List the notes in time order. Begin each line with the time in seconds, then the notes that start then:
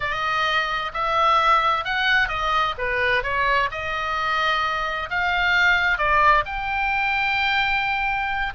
0.00 D#5
0.93 E5
1.84 F#5
2.28 D#5
2.77 B4
3.23 C#5
3.71 D#5
5.10 F5
5.98 D5
6.45 G5